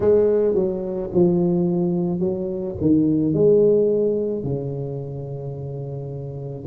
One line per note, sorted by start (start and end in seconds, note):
0.00 0.54 G#3
0.54 1.10 F#3
1.13 2.19 F3
2.19 2.75 F#3
2.80 3.33 D#3
3.33 4.43 G#3
4.43 6.65 C#3